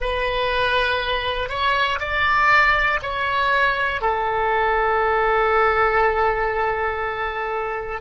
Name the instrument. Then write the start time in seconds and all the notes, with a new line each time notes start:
oboe
0.00 B4
1.49 C#5
1.99 D5
3.02 C#5
4.01 A4